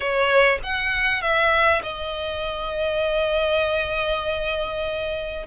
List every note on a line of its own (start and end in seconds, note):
0.00 0.59 C#5
0.63 1.21 F#5
1.21 1.82 E5
1.82 5.46 D#5